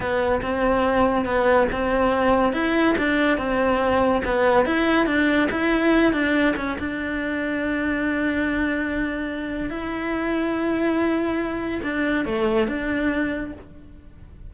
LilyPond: \new Staff \with { instrumentName = "cello" } { \time 4/4 \tempo 4 = 142 b4 c'2 b4 | c'2 e'4 d'4 | c'2 b4 e'4 | d'4 e'4. d'4 cis'8 |
d'1~ | d'2. e'4~ | e'1 | d'4 a4 d'2 | }